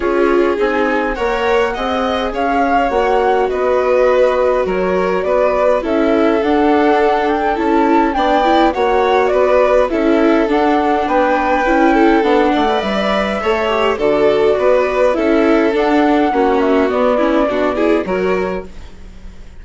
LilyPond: <<
  \new Staff \with { instrumentName = "flute" } { \time 4/4 \tempo 4 = 103 cis''4 gis''4 fis''2 | f''4 fis''4 dis''2 | cis''4 d''4 e''4 fis''4~ | fis''8 g''8 a''4 g''4 fis''4 |
d''4 e''4 fis''4 g''4~ | g''4 fis''4 e''2 | d''2 e''4 fis''4~ | fis''8 e''8 d''2 cis''4 | }
  \new Staff \with { instrumentName = "violin" } { \time 4/4 gis'2 cis''4 dis''4 | cis''2 b'2 | ais'4 b'4 a'2~ | a'2 d''4 cis''4 |
b'4 a'2 b'4~ | b'8 a'4 d''4. cis''4 | a'4 b'4 a'2 | fis'4. e'8 fis'8 gis'8 ais'4 | }
  \new Staff \with { instrumentName = "viola" } { \time 4/4 f'4 dis'4 ais'4 gis'4~ | gis'4 fis'2.~ | fis'2 e'4 d'4~ | d'4 e'4 d'8 e'8 fis'4~ |
fis'4 e'4 d'2 | e'4 d'8. b'4~ b'16 a'8 g'8 | fis'2 e'4 d'4 | cis'4 b8 cis'8 d'8 e'8 fis'4 | }
  \new Staff \with { instrumentName = "bassoon" } { \time 4/4 cis'4 c'4 ais4 c'4 | cis'4 ais4 b2 | fis4 b4 cis'4 d'4~ | d'4 cis'4 b4 ais4 |
b4 cis'4 d'4 b4 | cis'4 b8 a8 g4 a4 | d4 b4 cis'4 d'4 | ais4 b4 b,4 fis4 | }
>>